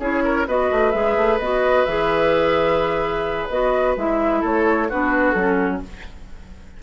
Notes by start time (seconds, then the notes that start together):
0.00 C#4 E4 G#4 C#5
0.24 A#4
0.48 B3 F#4 B4 D#5
0.72 A3
0.91 G#3 G#4 E5
1.17 A3
1.39 B3 F#4 D#5
1.85 E3 G#4 E5
3.49 B3 F#4 D#5
3.97 G#3 E4 E5
4.41 A3 A4 C#5
4.89 B3 D4 F#4 B4
5.31 F#3 C#4 A4